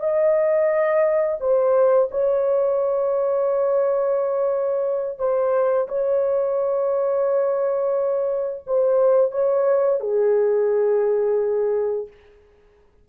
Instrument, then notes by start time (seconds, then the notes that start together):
horn
0.00 D#5
1.40 C5
2.11 C#5
5.19 C5
5.88 C#5
8.67 C5
9.32 C#5
10.01 G#4